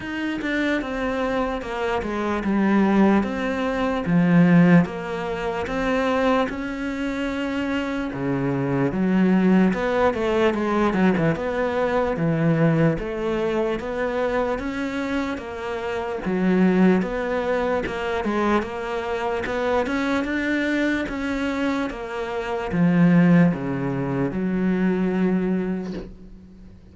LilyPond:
\new Staff \with { instrumentName = "cello" } { \time 4/4 \tempo 4 = 74 dis'8 d'8 c'4 ais8 gis8 g4 | c'4 f4 ais4 c'4 | cis'2 cis4 fis4 | b8 a8 gis8 fis16 e16 b4 e4 |
a4 b4 cis'4 ais4 | fis4 b4 ais8 gis8 ais4 | b8 cis'8 d'4 cis'4 ais4 | f4 cis4 fis2 | }